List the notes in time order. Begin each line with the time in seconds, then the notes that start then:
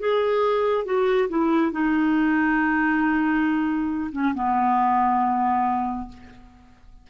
0.00 G#4
0.85 F#4
1.29 E4
1.72 D#4
4.13 C#4
4.35 B3